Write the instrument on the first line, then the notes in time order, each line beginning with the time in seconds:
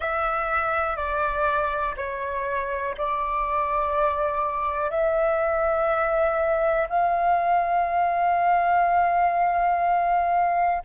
flute
0.00 E5
0.96 D5
1.96 C#5
2.97 D5
4.90 E5
6.89 F5